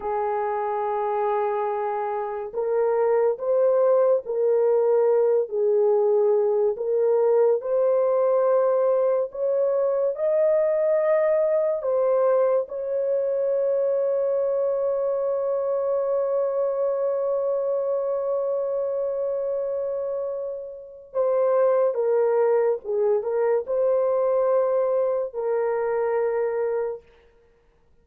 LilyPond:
\new Staff \with { instrumentName = "horn" } { \time 4/4 \tempo 4 = 71 gis'2. ais'4 | c''4 ais'4. gis'4. | ais'4 c''2 cis''4 | dis''2 c''4 cis''4~ |
cis''1~ | cis''1~ | cis''4 c''4 ais'4 gis'8 ais'8 | c''2 ais'2 | }